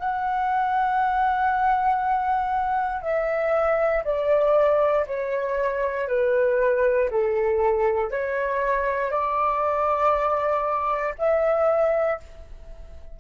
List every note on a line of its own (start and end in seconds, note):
0.00 3.02 F#5
3.02 4.04 E5
4.04 5.06 D5
5.07 6.08 C#5
6.08 7.10 B4
7.10 8.11 A4
8.11 9.12 C#5
9.12 11.15 D5
11.19 12.20 E5